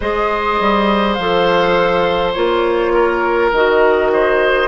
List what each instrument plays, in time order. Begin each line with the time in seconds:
0.00 bassoon G#3, clarinet G#4, oboe C5, flute D#5
0.60 bassoon G3
1.13 bassoon F3, flute F5
1.20 clarinet A4
2.32 bassoon A#3, clarinet F4, flute C#5
2.93 oboe A#4
3.52 bassoon D#3, clarinet F#4, flute D#5
4.12 oboe C5